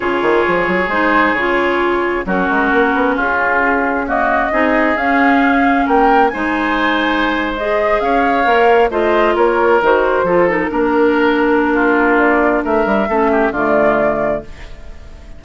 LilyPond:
<<
  \new Staff \with { instrumentName = "flute" } { \time 4/4 \tempo 4 = 133 cis''2 c''4 cis''4~ | cis''4 ais'2 gis'4~ | gis'4 dis''2 f''4~ | f''4 g''4 gis''2~ |
gis''8. dis''4 f''2 dis''16~ | dis''8. cis''4 c''4. ais'8.~ | ais'2. d''4 | e''2 d''2 | }
  \new Staff \with { instrumentName = "oboe" } { \time 4/4 gis'1~ | gis'4 fis'2 f'4~ | f'4 fis'4 gis'2~ | gis'4 ais'4 c''2~ |
c''4.~ c''16 cis''2 c''16~ | c''8. ais'2 a'4 ais'16~ | ais'2 f'2 | ais'4 a'8 g'8 f'2 | }
  \new Staff \with { instrumentName = "clarinet" } { \time 4/4 f'2 dis'4 f'4~ | f'4 cis'2.~ | cis'4 ais4 dis'4 cis'4~ | cis'2 dis'2~ |
dis'8. gis'2 ais'4 f'16~ | f'4.~ f'16 fis'4 f'8 dis'8 d'16~ | d'1~ | d'4 cis'4 a2 | }
  \new Staff \with { instrumentName = "bassoon" } { \time 4/4 cis8 dis8 f8 fis8 gis4 cis4~ | cis4 fis8 gis8 ais8 b8 cis'4~ | cis'2 c'4 cis'4~ | cis'4 ais4 gis2~ |
gis4.~ gis16 cis'4 ais4 a16~ | a8. ais4 dis4 f4 ais16~ | ais1 | a8 g8 a4 d2 | }
>>